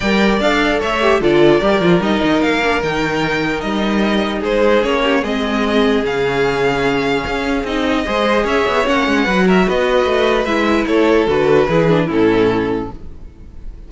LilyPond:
<<
  \new Staff \with { instrumentName = "violin" } { \time 4/4 \tempo 4 = 149 g''4 f''4 e''4 d''4~ | d''4 dis''4 f''4 g''4~ | g''4 dis''2 c''4 | cis''4 dis''2 f''4~ |
f''2. dis''4~ | dis''4 e''4 fis''4. e''8 | dis''2 e''4 cis''4 | b'2 a'2 | }
  \new Staff \with { instrumentName = "violin" } { \time 4/4 d''2 cis''4 a'4 | ais'1~ | ais'2. gis'4~ | gis'8 g'8 gis'2.~ |
gis'1 | c''4 cis''2 b'8 ais'8 | b'2. a'4~ | a'4 gis'4 e'2 | }
  \new Staff \with { instrumentName = "viola" } { \time 4/4 ais'4 a'4. g'8 f'4 | g'8 f'8 dis'4. d'8 dis'4~ | dis'1 | cis'4 c'2 cis'4~ |
cis'2. dis'4 | gis'2 cis'4 fis'4~ | fis'2 e'2 | fis'4 e'8 d'8 cis'2 | }
  \new Staff \with { instrumentName = "cello" } { \time 4/4 g4 d'4 a4 d4 | g8 f8 g8 dis8 ais4 dis4~ | dis4 g2 gis4 | ais4 gis2 cis4~ |
cis2 cis'4 c'4 | gis4 cis'8 b8 ais8 gis8 fis4 | b4 a4 gis4 a4 | d4 e4 a,2 | }
>>